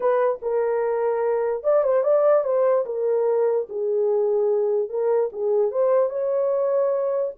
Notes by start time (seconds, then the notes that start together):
0.00 B4
0.42 A#4
1.63 D5
1.83 C5
2.03 D5
2.44 C5
2.85 A#4
3.69 G#4
4.89 A#4
5.32 G#4
5.71 C5
6.09 C#5